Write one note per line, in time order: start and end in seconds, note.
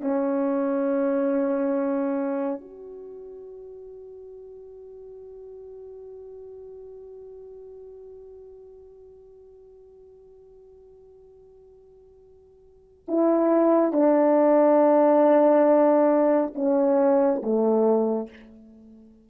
0.00 2.60 C#4
2.60 13.04 F#4
13.08 13.92 E4
13.92 16.53 D4
16.55 17.41 C#4
17.42 18.29 A3